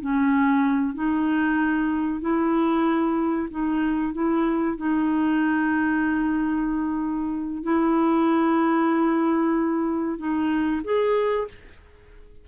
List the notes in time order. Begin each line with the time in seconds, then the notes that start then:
0.00 C#4
0.94 D#4
2.21 E4
3.50 D#4
4.13 E4
4.77 D#4
7.63 E4
10.18 D#4
10.84 G#4